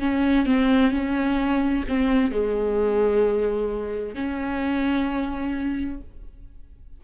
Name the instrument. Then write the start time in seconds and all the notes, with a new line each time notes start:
viola
0.00 C#4
0.46 C4
0.91 C#4
1.88 C4
2.32 G#3
4.15 C#4